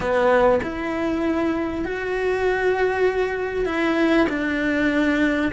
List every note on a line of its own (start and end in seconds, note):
0.00 0.60 B3
0.62 1.84 E4
1.84 3.65 F#4
3.65 4.27 E4
4.29 5.51 D4